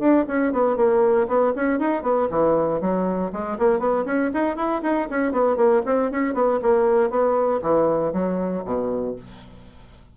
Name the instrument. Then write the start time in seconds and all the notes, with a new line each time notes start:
bassoon
0.00 D4
0.28 C#4
0.53 B3
0.77 A#3
1.28 B3
1.56 C#4
1.80 D#4
2.03 B3
2.31 E3
2.81 F#3
3.33 G#3
3.59 A#3
3.80 B3
4.06 C#4
4.34 D#4
4.56 E4
4.83 D#4
5.10 C#4
5.32 B3
5.57 A#3
5.86 C4
6.12 C#4
6.34 B3
6.62 A#3
7.10 B3
7.62 E3
8.13 F#3
8.65 B2